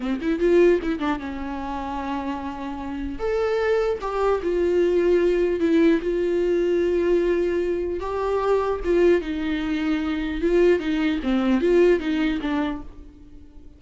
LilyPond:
\new Staff \with { instrumentName = "viola" } { \time 4/4 \tempo 4 = 150 c'8 e'8 f'4 e'8 d'8 cis'4~ | cis'1 | a'2 g'4 f'4~ | f'2 e'4 f'4~ |
f'1 | g'2 f'4 dis'4~ | dis'2 f'4 dis'4 | c'4 f'4 dis'4 d'4 | }